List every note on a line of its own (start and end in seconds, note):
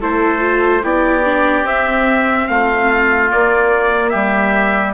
0.00 0.84 A3
0.00 0.40 E4
0.00 0.82 A4
0.00 0.84 C5
0.40 0.81 F4
0.83 1.64 B3
0.83 1.25 E4
0.83 2.47 G4
0.83 1.67 D5
1.25 1.65 D4
1.64 2.46 C4
1.64 3.30 C4
1.64 2.48 E5
2.48 3.31 A3
2.48 4.11 F4
2.48 3.30 F5
3.30 4.94 A#3
3.30 4.14 A#3
3.30 4.10 D5
4.10 4.94 G3
4.10 4.93 G4
4.10 4.92 E5